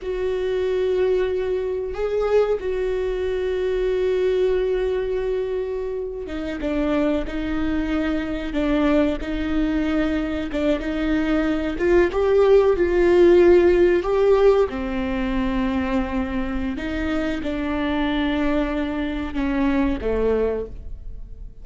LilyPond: \new Staff \with { instrumentName = "viola" } { \time 4/4 \tempo 4 = 93 fis'2. gis'4 | fis'1~ | fis'4.~ fis'16 dis'8 d'4 dis'8.~ | dis'4~ dis'16 d'4 dis'4.~ dis'16~ |
dis'16 d'8 dis'4. f'8 g'4 f'16~ | f'4.~ f'16 g'4 c'4~ c'16~ | c'2 dis'4 d'4~ | d'2 cis'4 a4 | }